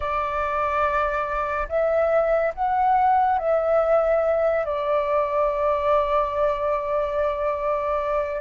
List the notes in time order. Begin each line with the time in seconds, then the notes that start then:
0.00 D5
1.68 E5
2.54 F#5
3.38 E5
4.65 D5